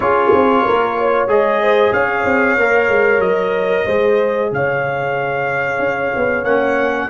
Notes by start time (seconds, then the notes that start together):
0.00 C#4 F4 G#4 C#5
0.33 C4
0.65 A#3 A#4
0.98 C#5
1.27 G#3 G#4 D#5
1.62 C5
1.92 C#4 C#5 F5
2.25 C4
2.57 A#3 A#4
2.88 G#3
3.19 F#3 D#5
3.85 G#3 G#4 C5
4.51 C#3 C#5 F5
5.78 C#4
6.16 B3
6.43 A#3 C#4 F#5